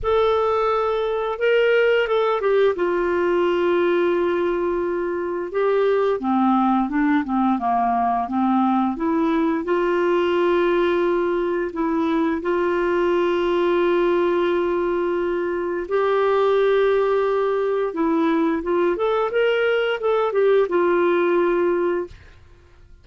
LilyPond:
\new Staff \with { instrumentName = "clarinet" } { \time 4/4 \tempo 4 = 87 a'2 ais'4 a'8 g'8 | f'1 | g'4 c'4 d'8 c'8 ais4 | c'4 e'4 f'2~ |
f'4 e'4 f'2~ | f'2. g'4~ | g'2 e'4 f'8 a'8 | ais'4 a'8 g'8 f'2 | }